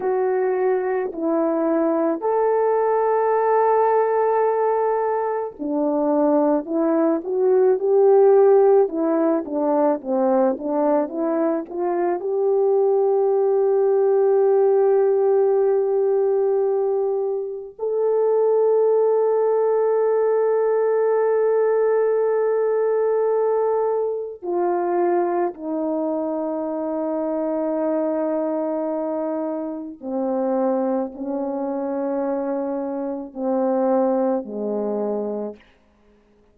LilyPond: \new Staff \with { instrumentName = "horn" } { \time 4/4 \tempo 4 = 54 fis'4 e'4 a'2~ | a'4 d'4 e'8 fis'8 g'4 | e'8 d'8 c'8 d'8 e'8 f'8 g'4~ | g'1 |
a'1~ | a'2 f'4 dis'4~ | dis'2. c'4 | cis'2 c'4 gis4 | }